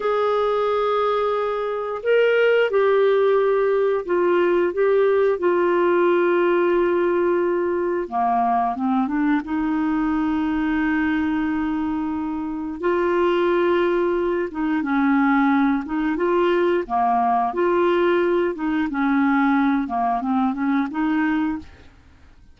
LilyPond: \new Staff \with { instrumentName = "clarinet" } { \time 4/4 \tempo 4 = 89 gis'2. ais'4 | g'2 f'4 g'4 | f'1 | ais4 c'8 d'8 dis'2~ |
dis'2. f'4~ | f'4. dis'8 cis'4. dis'8 | f'4 ais4 f'4. dis'8 | cis'4. ais8 c'8 cis'8 dis'4 | }